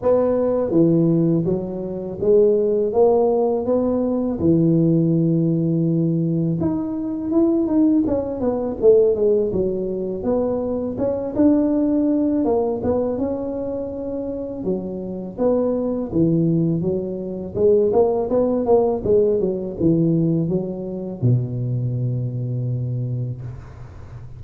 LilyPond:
\new Staff \with { instrumentName = "tuba" } { \time 4/4 \tempo 4 = 82 b4 e4 fis4 gis4 | ais4 b4 e2~ | e4 dis'4 e'8 dis'8 cis'8 b8 | a8 gis8 fis4 b4 cis'8 d'8~ |
d'4 ais8 b8 cis'2 | fis4 b4 e4 fis4 | gis8 ais8 b8 ais8 gis8 fis8 e4 | fis4 b,2. | }